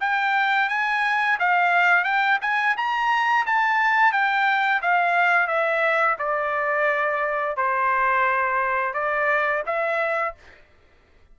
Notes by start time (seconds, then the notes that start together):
0.00 G5
0.69 G#5
1.39 F5
2.04 G5
2.41 G#5
2.76 A#5
3.46 A5
4.12 G5
4.82 F5
5.47 E5
6.18 D5
7.56 C5
8.93 D5
9.66 E5